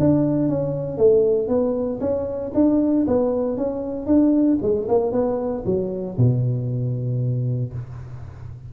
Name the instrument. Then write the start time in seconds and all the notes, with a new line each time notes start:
tuba
0.00 D4
0.49 C#4
0.98 A3
1.48 B3
2.01 C#4
2.55 D4
3.08 B3
3.57 C#4
4.07 D4
4.62 G#3
4.89 A#3
5.13 B3
5.66 F#3
6.18 B2